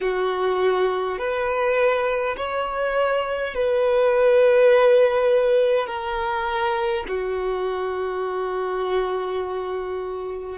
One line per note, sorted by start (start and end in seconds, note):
0.00 1.18 F#4
1.18 2.35 B4
2.36 3.54 C#5
3.54 5.87 B4
5.87 7.04 A#4
7.07 10.58 F#4